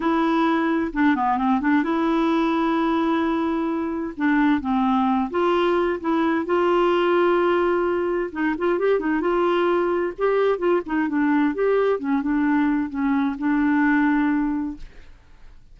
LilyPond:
\new Staff \with { instrumentName = "clarinet" } { \time 4/4 \tempo 4 = 130 e'2 d'8 b8 c'8 d'8 | e'1~ | e'4 d'4 c'4. f'8~ | f'4 e'4 f'2~ |
f'2 dis'8 f'8 g'8 dis'8 | f'2 g'4 f'8 dis'8 | d'4 g'4 cis'8 d'4. | cis'4 d'2. | }